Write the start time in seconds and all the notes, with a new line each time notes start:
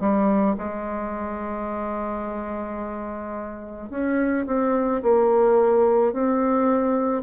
0.00 G3
0.58 G#3
3.90 C#4
4.46 C4
5.03 A#3
6.13 C4